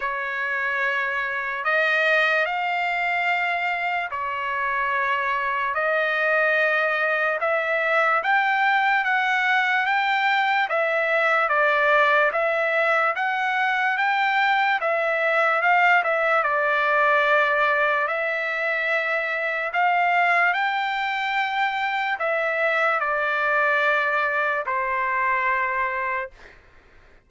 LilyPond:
\new Staff \with { instrumentName = "trumpet" } { \time 4/4 \tempo 4 = 73 cis''2 dis''4 f''4~ | f''4 cis''2 dis''4~ | dis''4 e''4 g''4 fis''4 | g''4 e''4 d''4 e''4 |
fis''4 g''4 e''4 f''8 e''8 | d''2 e''2 | f''4 g''2 e''4 | d''2 c''2 | }